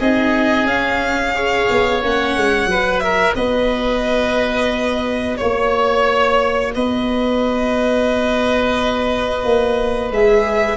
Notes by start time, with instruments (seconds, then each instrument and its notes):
0.00 tuba C4, viola D#4, oboe G#4, violin D#5
0.65 tuba C#4, viola C#4, violin F5
1.35 viola G#4, oboe C#5
1.71 tuba B3
2.03 tuba A#3, viola C#4, violin F#5
2.37 tuba G#3
2.67 tuba F#3, viola F#4, oboe B4
3.00 oboe A#4, violin E5
3.36 tuba B3, oboe B4, violin D#5
5.37 tuba A#3, violin C#5, oboe C#5
6.75 tuba B3, oboe B4, violin D#5
9.45 tuba A#3
10.11 tuba G#3, viola G#4, violin E5